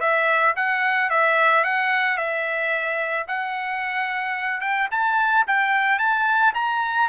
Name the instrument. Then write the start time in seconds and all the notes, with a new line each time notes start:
trumpet
0.00 E5
0.56 F#5
1.10 E5
1.64 F#5
2.17 E5
3.27 F#5
4.61 G5
4.91 A5
5.47 G5
5.99 A5
6.54 A#5